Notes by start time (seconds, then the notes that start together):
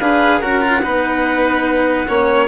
0.00 D4 G#4 B4 F5
0.41 C#4 F#4 A#4 F#5
0.62 F4
0.83 B3 D#4 B4
2.08 A#3 C#4 C#5